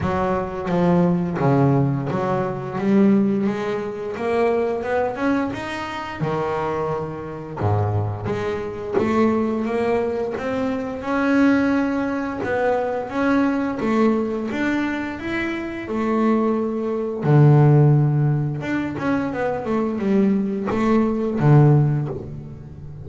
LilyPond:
\new Staff \with { instrumentName = "double bass" } { \time 4/4 \tempo 4 = 87 fis4 f4 cis4 fis4 | g4 gis4 ais4 b8 cis'8 | dis'4 dis2 gis,4 | gis4 a4 ais4 c'4 |
cis'2 b4 cis'4 | a4 d'4 e'4 a4~ | a4 d2 d'8 cis'8 | b8 a8 g4 a4 d4 | }